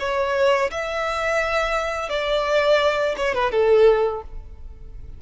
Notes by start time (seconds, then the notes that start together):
0.00 C#5
0.71 E5
2.10 D5
3.17 C#5
3.35 B4
3.52 A4